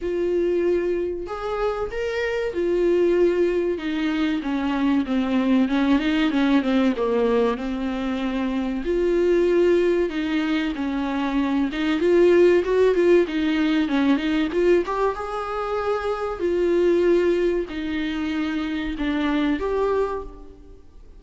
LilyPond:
\new Staff \with { instrumentName = "viola" } { \time 4/4 \tempo 4 = 95 f'2 gis'4 ais'4 | f'2 dis'4 cis'4 | c'4 cis'8 dis'8 cis'8 c'8 ais4 | c'2 f'2 |
dis'4 cis'4. dis'8 f'4 | fis'8 f'8 dis'4 cis'8 dis'8 f'8 g'8 | gis'2 f'2 | dis'2 d'4 g'4 | }